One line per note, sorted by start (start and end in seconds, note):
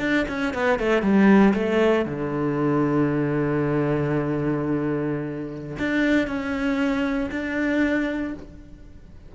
0.00 0.26 D4
0.28 0.54 C#4
0.54 0.79 B3
0.79 1.02 A3
1.02 1.54 G3
1.54 2.06 A3
2.06 5.77 D3
5.79 6.27 D4
6.27 7.30 C#4
7.31 8.34 D4